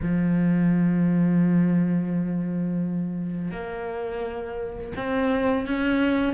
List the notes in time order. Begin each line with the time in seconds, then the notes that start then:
0.02 F3
3.51 A#3
4.96 C4
5.67 C#4